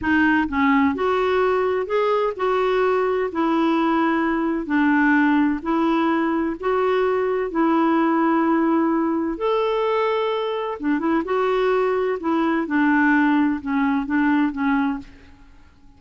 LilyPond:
\new Staff \with { instrumentName = "clarinet" } { \time 4/4 \tempo 4 = 128 dis'4 cis'4 fis'2 | gis'4 fis'2 e'4~ | e'2 d'2 | e'2 fis'2 |
e'1 | a'2. d'8 e'8 | fis'2 e'4 d'4~ | d'4 cis'4 d'4 cis'4 | }